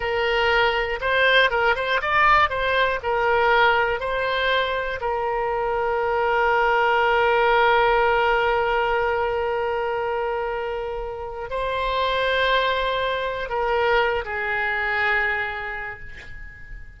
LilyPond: \new Staff \with { instrumentName = "oboe" } { \time 4/4 \tempo 4 = 120 ais'2 c''4 ais'8 c''8 | d''4 c''4 ais'2 | c''2 ais'2~ | ais'1~ |
ais'1~ | ais'2. c''4~ | c''2. ais'4~ | ais'8 gis'2.~ gis'8 | }